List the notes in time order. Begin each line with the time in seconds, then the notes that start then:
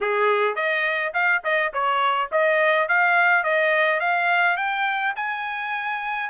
0.01 G#4
0.55 D#5
1.13 F5
1.44 D#5
1.73 C#5
2.31 D#5
2.88 F5
3.43 D#5
4.00 F5
4.56 G5
5.16 G#5